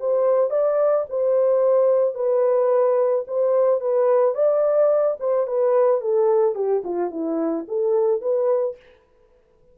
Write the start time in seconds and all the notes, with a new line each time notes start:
0.00 C5
0.50 D5
1.10 C5
2.15 B4
3.27 C5
3.81 B4
4.35 D5
5.20 C5
5.47 B4
6.01 A4
6.55 G4
6.84 F4
7.11 E4
7.68 A4
8.21 B4